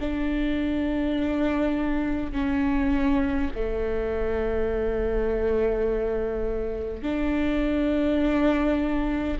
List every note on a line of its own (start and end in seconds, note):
0.00 2.32 D4
2.32 3.50 C#4
3.55 7.03 A3
7.03 9.38 D4